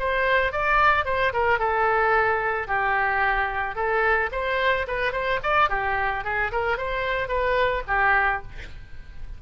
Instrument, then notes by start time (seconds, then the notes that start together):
oboe
0.00 C5
0.53 D5
1.06 C5
1.34 A#4
1.59 A4
2.68 G4
3.76 A4
4.32 C5
4.88 B4
5.12 C5
5.43 D5
5.70 G4
6.25 G#4
6.52 A#4
6.78 C5
7.29 B4
7.88 G4